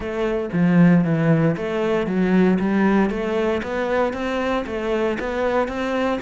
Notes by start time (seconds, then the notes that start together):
0.00 A3
0.52 F3
1.04 E3
1.57 A3
2.06 F#3
2.59 G3
3.10 A3
3.62 B3
4.13 C4
4.66 A3
5.19 B3
5.68 C4